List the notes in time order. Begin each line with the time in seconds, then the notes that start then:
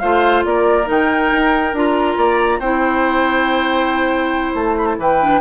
0.00 A3 F4 C5 F5
0.45 A#3 A#4 D5
0.85 D#3 D#4 G5
1.32 D#4
1.74 D4 F4 A#5
2.17 A#3 D5
2.59 C4 E4 C5 G5
4.55 A3 A5
4.78 B5
4.86 A5
4.98 E3 B4 G5
5.21 D4